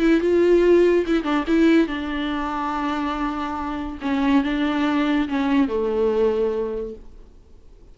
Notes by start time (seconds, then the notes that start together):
0.00 E4
0.21 F4
1.07 E4
1.24 D4
1.47 E4
1.87 D4
4.02 C#4
4.44 D4
5.29 C#4
5.69 A3